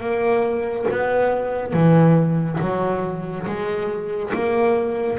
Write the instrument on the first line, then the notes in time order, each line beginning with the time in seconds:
double bass
0.00 A#3
0.90 B3
1.73 E3
2.61 F#3
3.46 G#3
4.33 A#3